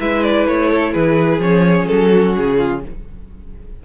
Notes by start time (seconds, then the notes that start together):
0.00 G#3 E4 B4 E5
0.23 D5
0.47 A3 C#5
0.70 A4
0.93 E3 G#4 B4
1.39 F3 C#4 C#5
1.87 F#3 A4
2.10 F#4
2.37 C#3 G#4
2.58 F4